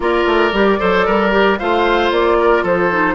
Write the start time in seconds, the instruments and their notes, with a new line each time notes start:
0.00 bassoon A#3, clarinet F4, oboe A#4, flute D5
0.26 bassoon A3
0.52 bassoon G3, clarinet G4
0.78 bassoon F#3, clarinet A4, oboe C5
1.06 bassoon G3, oboe A#4
1.31 clarinet G4
1.58 bassoon A3, clarinet F4, oboe C5, flute F5
2.11 bassoon A#3, flute D5
2.39 oboe A#4
2.63 bassoon F3, oboe A4, flute C5
2.90 clarinet D#4